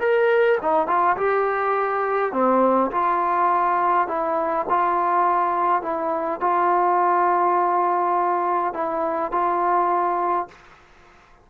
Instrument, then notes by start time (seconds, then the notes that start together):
trombone
0.00 A#4
0.61 D#4
0.87 F4
1.17 G4
2.33 C4
2.91 F4
4.08 E4
4.69 F4
5.82 E4
6.41 F4
8.74 E4
9.32 F4